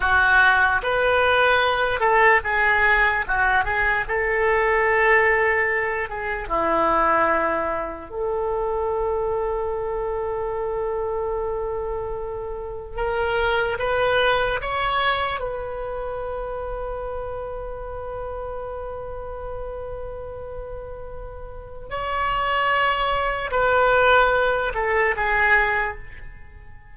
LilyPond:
\new Staff \with { instrumentName = "oboe" } { \time 4/4 \tempo 4 = 74 fis'4 b'4. a'8 gis'4 | fis'8 gis'8 a'2~ a'8 gis'8 | e'2 a'2~ | a'1 |
ais'4 b'4 cis''4 b'4~ | b'1~ | b'2. cis''4~ | cis''4 b'4. a'8 gis'4 | }